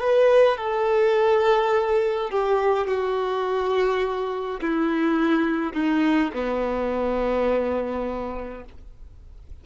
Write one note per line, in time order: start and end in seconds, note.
0.00 0.57 B4
0.57 2.30 A4
2.30 2.87 G4
2.87 4.60 F#4
4.61 5.73 E4
5.73 6.31 D#4
6.34 8.65 B3